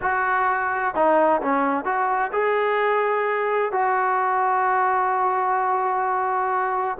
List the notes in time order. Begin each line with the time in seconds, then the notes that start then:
0.01 F#4
0.95 D#4
1.41 C#4
1.84 F#4
2.32 G#4
3.71 F#4